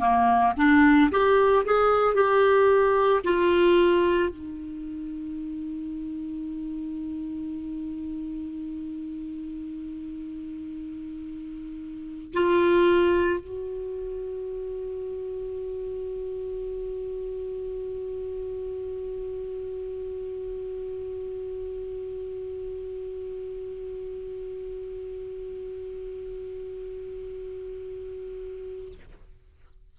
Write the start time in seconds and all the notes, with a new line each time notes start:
0.00 A#3
0.57 D4
1.12 G4
1.66 G#4
2.15 G4
3.25 F4
4.30 D#4
12.34 F4
13.40 F#4